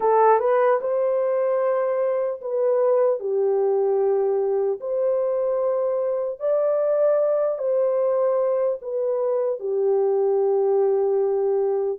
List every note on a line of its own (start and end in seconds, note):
0.00 0.39 A4
0.39 0.79 B4
0.80 2.40 C5
2.41 3.19 B4
3.19 4.79 G4
4.80 6.39 C5
6.39 7.58 D5
7.58 8.78 C5
8.81 9.59 B4
9.59 11.99 G4